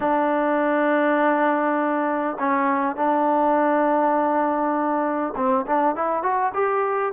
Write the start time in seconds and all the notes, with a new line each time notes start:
0.00 D4
2.39 C#4
2.96 D4
5.36 C4
5.66 D4
5.95 E4
6.22 F#4
6.53 G4